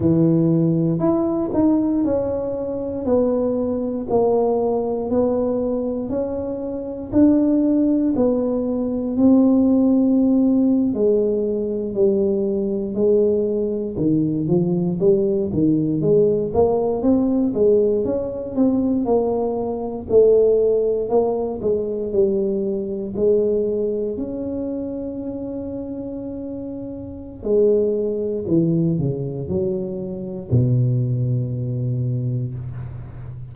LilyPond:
\new Staff \with { instrumentName = "tuba" } { \time 4/4 \tempo 4 = 59 e4 e'8 dis'8 cis'4 b4 | ais4 b4 cis'4 d'4 | b4 c'4.~ c'16 gis4 g16~ | g8. gis4 dis8 f8 g8 dis8 gis16~ |
gis16 ais8 c'8 gis8 cis'8 c'8 ais4 a16~ | a8. ais8 gis8 g4 gis4 cis'16~ | cis'2. gis4 | e8 cis8 fis4 b,2 | }